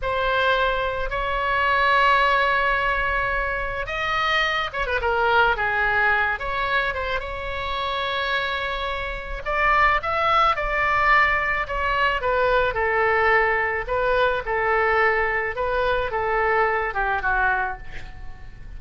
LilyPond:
\new Staff \with { instrumentName = "oboe" } { \time 4/4 \tempo 4 = 108 c''2 cis''2~ | cis''2. dis''4~ | dis''8 cis''16 b'16 ais'4 gis'4. cis''8~ | cis''8 c''8 cis''2.~ |
cis''4 d''4 e''4 d''4~ | d''4 cis''4 b'4 a'4~ | a'4 b'4 a'2 | b'4 a'4. g'8 fis'4 | }